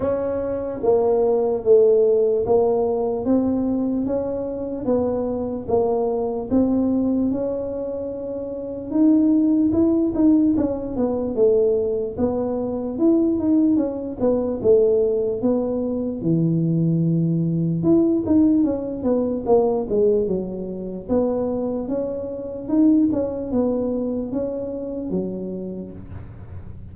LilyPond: \new Staff \with { instrumentName = "tuba" } { \time 4/4 \tempo 4 = 74 cis'4 ais4 a4 ais4 | c'4 cis'4 b4 ais4 | c'4 cis'2 dis'4 | e'8 dis'8 cis'8 b8 a4 b4 |
e'8 dis'8 cis'8 b8 a4 b4 | e2 e'8 dis'8 cis'8 b8 | ais8 gis8 fis4 b4 cis'4 | dis'8 cis'8 b4 cis'4 fis4 | }